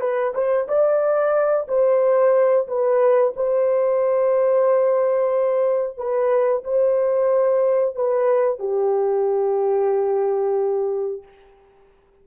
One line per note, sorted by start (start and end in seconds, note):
0.00 0.33 B4
0.34 0.67 C5
0.67 1.66 D5
1.68 2.67 C5
2.67 3.33 B4
3.36 5.97 C5
5.97 6.63 B4
6.64 7.95 C5
7.95 8.59 B4
8.59 11.22 G4